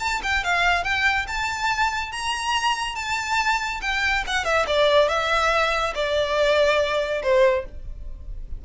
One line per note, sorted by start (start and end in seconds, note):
0.00 0.21 A5
0.23 0.44 G5
0.44 0.84 F5
0.84 1.26 G5
1.27 2.12 A5
2.12 2.96 A#5
2.96 3.81 A5
3.82 4.24 G5
4.27 4.45 F#5
4.45 4.66 E5
4.67 5.09 D5
5.09 5.94 E5
5.95 7.22 D5
7.23 7.65 C5